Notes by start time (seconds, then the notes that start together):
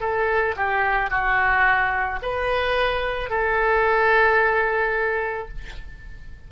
0.00 A4
0.56 G4
1.10 F#4
2.22 B4
3.30 A4